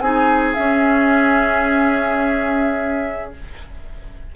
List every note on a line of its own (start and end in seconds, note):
0.00 0.56 C4
0.00 0.55 D#4
0.00 3.36 G#4
0.00 0.54 G#5
0.54 3.33 C#4
0.54 3.35 C#4
0.54 3.31 E5